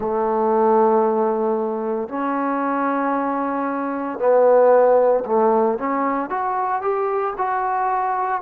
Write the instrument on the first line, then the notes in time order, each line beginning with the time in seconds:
trombone
0.00 A3
2.08 C#4
4.18 B3
5.25 A3
5.78 C#4
6.29 F#4
6.81 G4
7.37 F#4